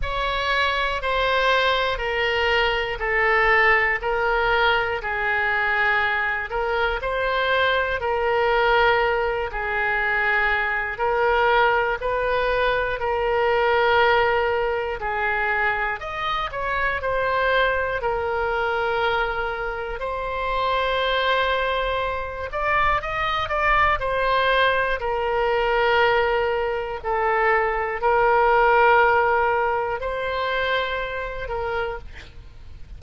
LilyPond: \new Staff \with { instrumentName = "oboe" } { \time 4/4 \tempo 4 = 60 cis''4 c''4 ais'4 a'4 | ais'4 gis'4. ais'8 c''4 | ais'4. gis'4. ais'4 | b'4 ais'2 gis'4 |
dis''8 cis''8 c''4 ais'2 | c''2~ c''8 d''8 dis''8 d''8 | c''4 ais'2 a'4 | ais'2 c''4. ais'8 | }